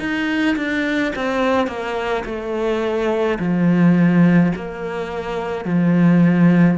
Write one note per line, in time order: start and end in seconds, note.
0.00 0.57 D#4
0.57 1.13 D4
1.16 1.67 C4
1.67 2.24 A#3
2.26 3.39 A3
3.40 4.53 F3
4.56 5.65 A#3
5.65 6.78 F3